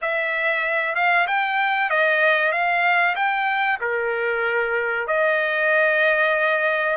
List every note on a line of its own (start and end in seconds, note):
0.01 0.95 E5
0.95 1.27 F5
1.27 1.90 G5
1.90 2.51 D#5
2.51 3.15 F5
3.15 3.78 G5
3.80 5.07 A#4
5.07 6.96 D#5